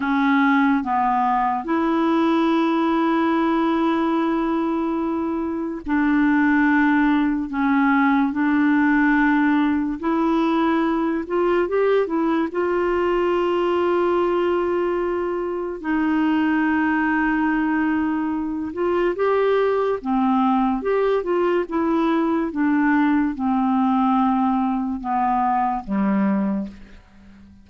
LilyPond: \new Staff \with { instrumentName = "clarinet" } { \time 4/4 \tempo 4 = 72 cis'4 b4 e'2~ | e'2. d'4~ | d'4 cis'4 d'2 | e'4. f'8 g'8 e'8 f'4~ |
f'2. dis'4~ | dis'2~ dis'8 f'8 g'4 | c'4 g'8 f'8 e'4 d'4 | c'2 b4 g4 | }